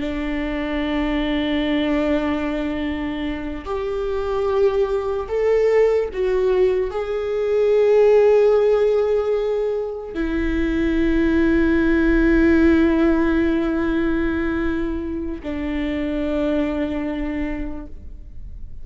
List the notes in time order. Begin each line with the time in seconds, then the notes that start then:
0.00 D4
3.65 G4
5.29 A4
6.13 F#4
6.91 G#4
10.15 E4
15.43 D4